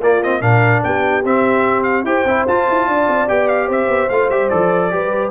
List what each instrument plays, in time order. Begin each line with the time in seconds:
0.00 tuba A#3, trombone A#3, horn F4, trumpet D5
0.22 trombone C4, trumpet D#5
0.41 tuba A#2, trombone D4, horn A#4, trumpet F5
0.83 tuba B3, horn G4, trumpet G5
1.24 tuba C4, trombone C4, trumpet E5
1.83 trumpet F5
2.03 tuba E4, trombone G4, horn C5, trumpet G5
2.25 tuba C4, trombone E4
2.47 tuba F4, trombone F4, trumpet A5
2.69 tuba E4
2.87 tuba D4, horn D5
3.08 tuba C4
3.28 tuba B3, trombone G4, trumpet G5
3.48 trumpet F5
3.66 tuba C4, horn C5, trumpet E5
3.87 tuba B3
4.09 tuba A3, trombone F4, trumpet F5
4.29 tuba G3, trombone G4, trumpet E5
4.49 tuba F3, trombone A4, trumpet D5
4.91 tuba G3, trombone G4, horn B4